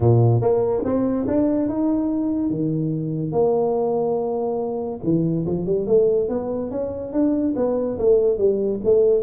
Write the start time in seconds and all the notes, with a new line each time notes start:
0.00 A#2
0.41 A#3
0.84 C4
1.27 D4
1.68 D#4
2.50 D#3
3.32 A#3
5.03 E3
5.46 F3
5.66 G3
5.86 A3
6.28 B3
6.70 C#4
7.13 D4
7.56 B3
7.98 A3
8.37 G3
8.84 A3